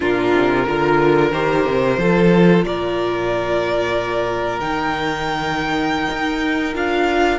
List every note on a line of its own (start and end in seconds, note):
0.00 0.34 A#2
0.00 0.64 D4
0.00 0.65 F4
0.00 1.32 A#4
0.34 0.66 C3
0.66 1.32 D3
0.66 1.32 F4
0.66 1.99 A#4
1.32 1.65 D#3
1.32 1.98 G4
1.32 2.63 C5
1.65 1.97 C3
1.97 2.63 F3
1.97 4.61 F4
1.97 2.65 A4
2.63 4.59 A#2
2.63 7.38 A#4
2.63 4.59 D5
4.59 6.08 D#3
4.59 6.74 D#4
4.59 6.74 G5
6.11 6.75 D#4
6.74 7.38 D4
6.74 7.38 F4
6.74 7.38 F5